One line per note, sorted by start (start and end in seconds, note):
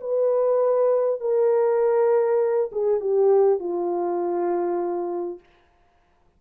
0.00 1.20 B4
1.20 2.70 A#4
2.72 3.00 G#4
3.00 3.59 G4
3.59 5.39 F4